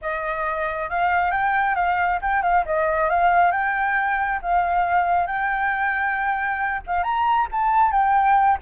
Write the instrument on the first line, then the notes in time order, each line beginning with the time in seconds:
flute
0.01 D#5
0.89 F5
1.31 G5
1.75 F5
2.21 G5
2.42 F5
2.65 D#5
3.09 F5
3.51 G5
4.42 F5
5.26 G5
6.87 F5
7.03 A#5
7.51 A5
7.91 G5